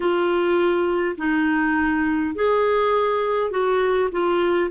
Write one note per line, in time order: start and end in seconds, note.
0.00 1.16 F4
1.17 2.35 D#4
2.35 3.50 G#4
3.50 4.09 F#4
4.11 4.70 F4